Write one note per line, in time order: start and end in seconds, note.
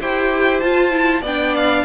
0.00 0.62 E4
0.00 0.63 G4
0.00 1.21 C5
0.00 0.60 G5
0.60 1.22 F4
0.60 0.90 F4
0.60 1.22 A5
0.90 1.21 E4
1.21 1.84 B3
1.21 1.84 D4
1.21 1.83 D5
1.21 1.55 G5
1.55 1.84 F5